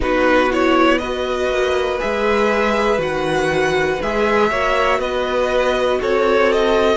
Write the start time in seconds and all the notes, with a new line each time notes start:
0.00 B3 D#4 F#4 B4
0.50 E4 C#5
0.98 F#4 B4 D#5
1.49 A#3
1.98 G#3 G#4 E5
2.98 D#3 F#4 F#5
4.01 G#3 G#4 E5
4.50 A#3 F#4 C#5
4.98 B3 B4 D#5
6.00 C4 A4 C#5
6.52 D#5